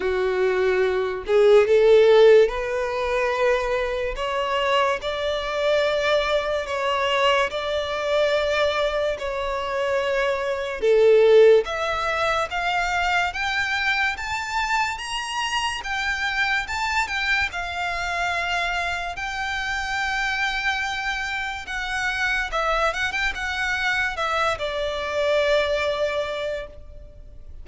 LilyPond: \new Staff \with { instrumentName = "violin" } { \time 4/4 \tempo 4 = 72 fis'4. gis'8 a'4 b'4~ | b'4 cis''4 d''2 | cis''4 d''2 cis''4~ | cis''4 a'4 e''4 f''4 |
g''4 a''4 ais''4 g''4 | a''8 g''8 f''2 g''4~ | g''2 fis''4 e''8 fis''16 g''16 | fis''4 e''8 d''2~ d''8 | }